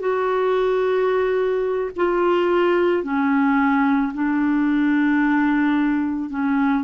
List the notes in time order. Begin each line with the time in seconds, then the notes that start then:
0.00 F#4
1.96 F4
3.04 C#4
4.14 D4
6.30 C#4